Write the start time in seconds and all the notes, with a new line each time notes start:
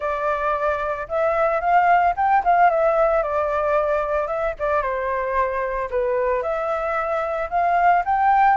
0.00 D5
1.08 E5
1.60 F5
2.16 G5
2.44 F5
2.69 E5
3.22 D5
4.27 E5
4.59 D5
4.82 C5
5.90 B4
6.42 E5
7.50 F5
8.05 G5